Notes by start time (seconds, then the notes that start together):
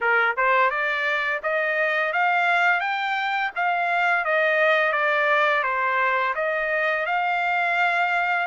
0.00 A#4
0.37 C5
0.70 D5
1.42 D#5
2.12 F5
2.80 G5
3.55 F5
4.24 D#5
4.92 D5
5.63 C5
6.35 D#5
7.06 F5